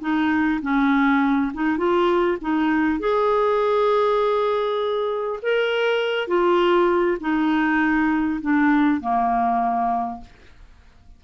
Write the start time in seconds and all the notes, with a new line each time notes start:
0.00 D#4
0.62 C#4
1.53 D#4
1.77 F4
2.41 D#4
2.99 G#4
5.42 A#4
6.27 F4
7.20 D#4
8.41 D4
9.01 A#3